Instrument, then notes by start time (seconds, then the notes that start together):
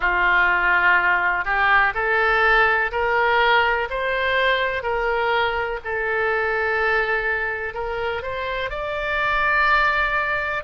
oboe
0.00 F4
1.45 G4
1.94 A4
2.91 A#4
3.89 C5
4.82 A#4
5.84 A4
7.74 A#4
8.22 C5
8.70 D5